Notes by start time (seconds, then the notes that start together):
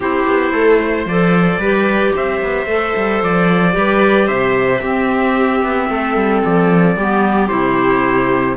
0.00 C4 E4 G4 C5
0.27 B3
0.51 A3 A4
0.82 C5
1.05 F3 A4 D5
1.57 G3 G4 B4
2.15 C4 C5 E5
2.41 B3
2.65 A3 A4
2.96 G3
3.22 F3 D5
3.72 G3 G4 B4
4.27 C3 C5 E5
4.80 C4 G4
5.62 B3
5.89 A3 A4
6.15 G3
6.44 F3 D5
6.96 G3 B3 G4
7.48 C3 E4 C5